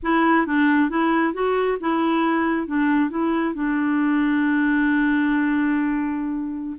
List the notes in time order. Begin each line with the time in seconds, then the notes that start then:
0.02 E4
0.46 D4
0.89 E4
1.33 F#4
1.80 E4
2.67 D4
3.09 E4
3.54 D4